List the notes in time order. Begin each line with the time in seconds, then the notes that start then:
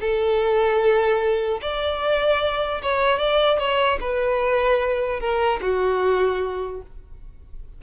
0.00 A4
1.61 D5
2.82 C#5
3.18 D5
3.58 C#5
4.00 B4
5.19 A#4
5.61 F#4